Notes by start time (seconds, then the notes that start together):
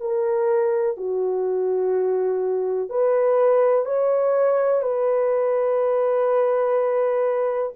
0.00 A#4
0.97 F#4
2.89 B4
3.85 C#5
4.82 B4